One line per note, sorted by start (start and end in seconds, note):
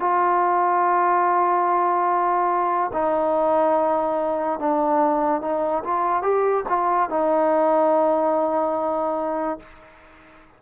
0.00 2.92 F4
2.94 4.59 D#4
4.59 5.42 D4
5.42 5.83 D#4
5.84 6.23 F4
6.23 6.64 G4
6.69 7.10 F4
7.10 9.60 D#4